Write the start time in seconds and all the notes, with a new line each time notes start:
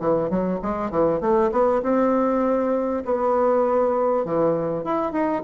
0.00 E3
0.30 F#3
0.63 G#3
0.91 E3
1.21 A3
1.52 B3
1.83 C4
3.05 B3
4.25 E3
4.85 E4
5.12 D#4